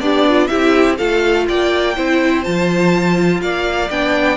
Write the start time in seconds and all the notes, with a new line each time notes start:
0.00 B3 D4 G4 D5
0.28 F4
0.47 C4 E4 G4 E5
0.98 A3 F4 A4 F5
1.48 A#3 D5 G5
1.96 C4 E4 C5
2.44 F3 F4 A5
3.41 A#3 D5 F5
3.91 B3 D4 G5